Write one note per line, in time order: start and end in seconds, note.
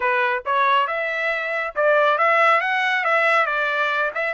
0.00 0.43 B4
0.45 0.87 C#5
0.87 1.74 E5
1.75 2.18 D5
2.18 2.60 E5
2.60 3.04 F#5
3.04 3.46 E5
3.46 4.11 D5
4.14 4.33 E5